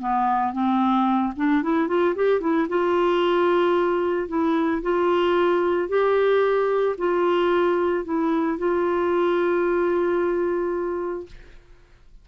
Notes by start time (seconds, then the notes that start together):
0.00 B3
0.53 C4
1.36 D4
1.63 E4
1.88 F4
2.16 G4
2.41 E4
2.69 F4
4.28 E4
4.82 F4
5.89 G4
6.98 F4
8.05 E4
8.58 F4